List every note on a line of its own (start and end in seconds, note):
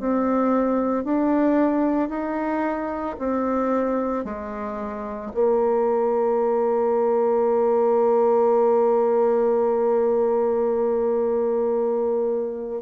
0.00 1.04 C4
1.04 2.09 D4
2.09 3.17 D#4
3.19 4.25 C4
4.25 5.32 G#3
5.34 12.82 A#3